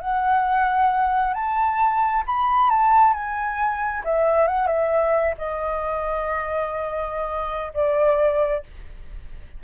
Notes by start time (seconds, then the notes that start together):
0.00 F#5
1.34 A5
2.26 B5
2.69 A5
3.13 G#5
4.04 E5
4.47 F#5
4.67 E5
5.37 D#5
7.73 D5